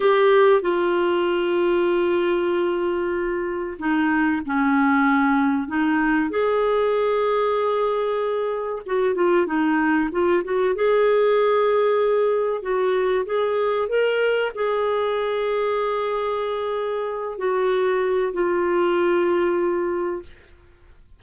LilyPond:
\new Staff \with { instrumentName = "clarinet" } { \time 4/4 \tempo 4 = 95 g'4 f'2.~ | f'2 dis'4 cis'4~ | cis'4 dis'4 gis'2~ | gis'2 fis'8 f'8 dis'4 |
f'8 fis'8 gis'2. | fis'4 gis'4 ais'4 gis'4~ | gis'2.~ gis'8 fis'8~ | fis'4 f'2. | }